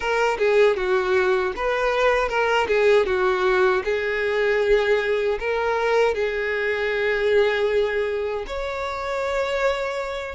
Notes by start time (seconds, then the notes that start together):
0.00 A#4
0.38 G#4
0.76 F#4
1.56 B4
2.29 A#4
2.67 G#4
3.06 F#4
3.84 G#4
5.39 A#4
6.14 G#4
8.46 C#5